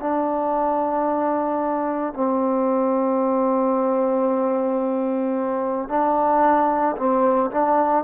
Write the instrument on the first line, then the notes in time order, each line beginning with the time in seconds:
trombone
0.00 D4
2.14 C4
5.89 D4
6.97 C4
7.51 D4